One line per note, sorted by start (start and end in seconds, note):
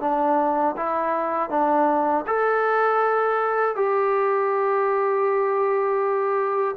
0.00 0.75 D4
0.76 1.49 E4
1.49 2.24 D4
2.26 3.75 A4
3.75 6.75 G4